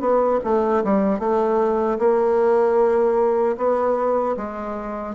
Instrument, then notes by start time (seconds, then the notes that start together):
bassoon
0.00 B3
0.44 A3
0.84 G3
1.19 A3
1.99 A#3
3.57 B3
4.37 G#3